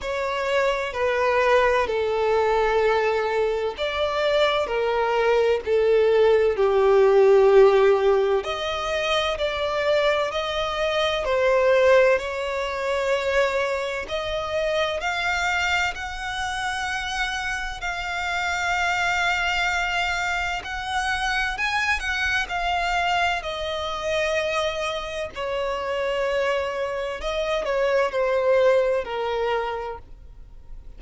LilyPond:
\new Staff \with { instrumentName = "violin" } { \time 4/4 \tempo 4 = 64 cis''4 b'4 a'2 | d''4 ais'4 a'4 g'4~ | g'4 dis''4 d''4 dis''4 | c''4 cis''2 dis''4 |
f''4 fis''2 f''4~ | f''2 fis''4 gis''8 fis''8 | f''4 dis''2 cis''4~ | cis''4 dis''8 cis''8 c''4 ais'4 | }